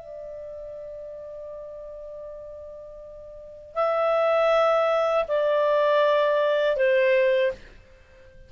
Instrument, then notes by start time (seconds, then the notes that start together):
clarinet
0.00 D5
3.75 E5
5.28 D5
6.77 C5